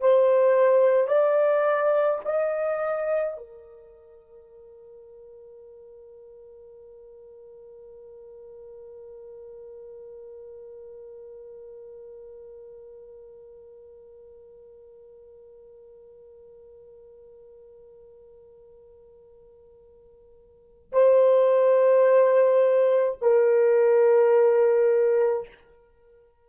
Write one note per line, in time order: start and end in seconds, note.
0.00 1.07 C5
1.07 2.20 D5
2.25 3.37 D#5
3.37 20.91 A#4
20.92 23.18 C5
23.21 25.47 A#4